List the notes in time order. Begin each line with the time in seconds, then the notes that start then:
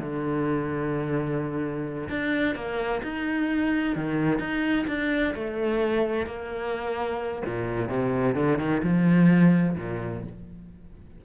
0.00 D3
2.10 D4
2.56 A#3
3.03 D#4
3.96 D#3
4.40 D#4
4.88 D4
5.35 A3
6.27 A#3
7.46 A#2
7.89 C3
8.36 D3
8.59 D#3
8.84 F3
9.78 A#2